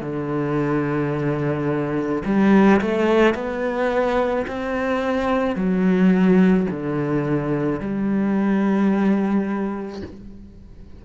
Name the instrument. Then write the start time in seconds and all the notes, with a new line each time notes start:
cello
0.00 D3
2.25 G3
2.81 A3
3.34 B3
4.46 C4
5.55 F#3
6.70 D3
7.79 G3